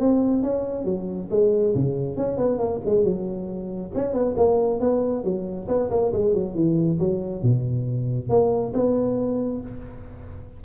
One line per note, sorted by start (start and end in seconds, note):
0.00 0.43 C4
0.43 0.85 C#4
0.85 1.29 F#3
1.31 1.75 G#3
1.75 2.17 C#3
2.17 2.38 C#4
2.38 2.59 B3
2.59 2.81 A#3
2.86 3.04 G#3
3.04 3.92 F#3
3.95 4.13 C#4
4.13 4.35 B3
4.37 4.81 A#3
4.81 5.24 B3
5.24 5.68 F#3
5.68 5.90 B3
5.91 6.13 A#3
6.13 6.34 G#3
6.34 6.55 F#3
6.55 6.99 E3
7.00 7.43 F#3
7.43 8.30 B2
8.30 8.73 A#3
8.74 9.62 B3